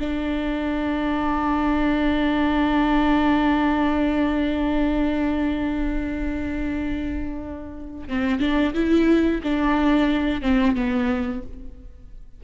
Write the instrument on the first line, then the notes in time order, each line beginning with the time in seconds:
viola
0.00 D4
8.09 C4
8.40 D4
8.75 E4
9.44 D4
10.42 C4
10.76 B3